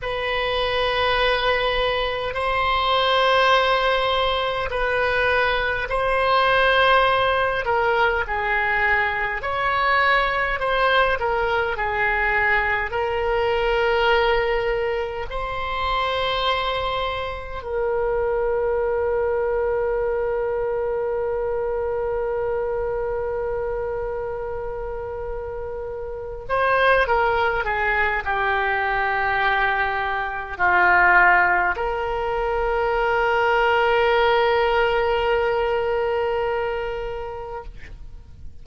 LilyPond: \new Staff \with { instrumentName = "oboe" } { \time 4/4 \tempo 4 = 51 b'2 c''2 | b'4 c''4. ais'8 gis'4 | cis''4 c''8 ais'8 gis'4 ais'4~ | ais'4 c''2 ais'4~ |
ais'1~ | ais'2~ ais'8 c''8 ais'8 gis'8 | g'2 f'4 ais'4~ | ais'1 | }